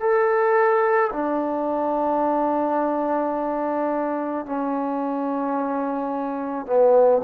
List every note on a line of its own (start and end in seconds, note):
0.00 1.11 A4
1.13 4.45 D4
4.45 6.66 C#4
6.66 7.21 B3